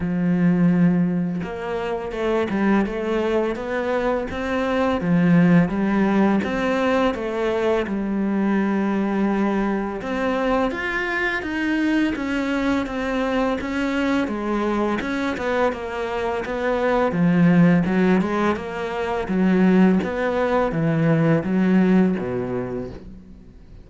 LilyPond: \new Staff \with { instrumentName = "cello" } { \time 4/4 \tempo 4 = 84 f2 ais4 a8 g8 | a4 b4 c'4 f4 | g4 c'4 a4 g4~ | g2 c'4 f'4 |
dis'4 cis'4 c'4 cis'4 | gis4 cis'8 b8 ais4 b4 | f4 fis8 gis8 ais4 fis4 | b4 e4 fis4 b,4 | }